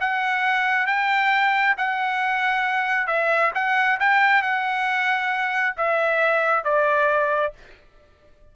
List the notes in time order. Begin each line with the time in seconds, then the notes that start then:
0.00 F#5
0.86 G5
1.77 F#5
3.07 E5
3.55 F#5
4.00 G5
4.42 F#5
5.77 E5
6.64 D5